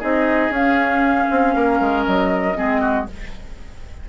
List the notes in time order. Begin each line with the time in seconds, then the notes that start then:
0.00 C4 D#4 G#4 D#5
0.50 C#4 F5
1.31 C4
1.56 A#3 A#4
1.81 G#3
2.05 F#3 D#5
2.55 G#3 C4 G#4
2.81 F#4